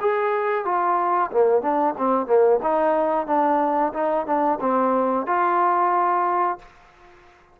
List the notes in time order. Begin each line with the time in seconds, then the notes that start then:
0.00 G#4
0.64 F4
1.31 A#3
1.62 D4
1.97 C4
2.27 A#3
2.63 D#4
3.26 D4
3.93 D#4
4.26 D4
4.60 C4
5.26 F4